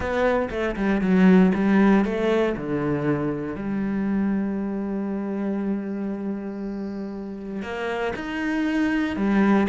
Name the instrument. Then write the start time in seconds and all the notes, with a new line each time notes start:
cello
0.00 B3
0.50 A3
0.76 G3
1.01 F#3
1.54 G3
2.04 A3
2.57 D3
3.55 G3
7.62 A#3
8.15 D#4
9.16 G3